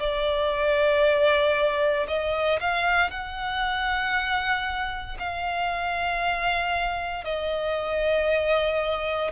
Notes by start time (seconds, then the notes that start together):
0.00 D5
2.08 D#5
2.60 F5
3.11 F#5
5.20 F5
7.25 D#5